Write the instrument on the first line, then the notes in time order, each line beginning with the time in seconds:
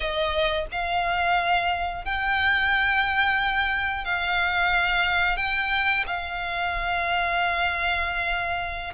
violin
0.00 D#5
0.71 F5
2.04 G5
4.04 F5
5.36 G5
6.06 F5